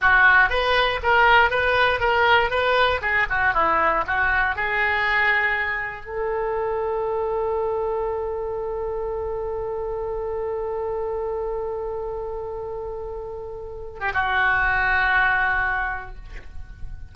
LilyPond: \new Staff \with { instrumentName = "oboe" } { \time 4/4 \tempo 4 = 119 fis'4 b'4 ais'4 b'4 | ais'4 b'4 gis'8 fis'8 e'4 | fis'4 gis'2. | a'1~ |
a'1~ | a'1~ | a'2.~ a'8. g'16 | fis'1 | }